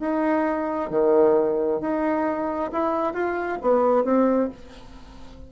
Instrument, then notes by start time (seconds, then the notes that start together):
bassoon
0.00 D#4
0.90 D#3
1.80 D#4
2.72 E4
3.14 F4
3.62 B3
4.04 C4